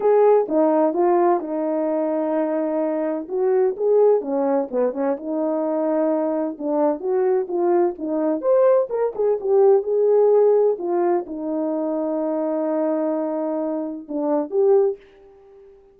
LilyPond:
\new Staff \with { instrumentName = "horn" } { \time 4/4 \tempo 4 = 128 gis'4 dis'4 f'4 dis'4~ | dis'2. fis'4 | gis'4 cis'4 b8 cis'8 dis'4~ | dis'2 d'4 fis'4 |
f'4 dis'4 c''4 ais'8 gis'8 | g'4 gis'2 f'4 | dis'1~ | dis'2 d'4 g'4 | }